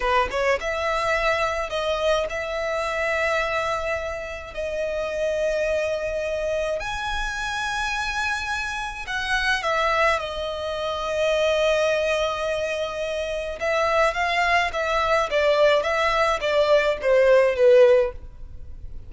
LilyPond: \new Staff \with { instrumentName = "violin" } { \time 4/4 \tempo 4 = 106 b'8 cis''8 e''2 dis''4 | e''1 | dis''1 | gis''1 |
fis''4 e''4 dis''2~ | dis''1 | e''4 f''4 e''4 d''4 | e''4 d''4 c''4 b'4 | }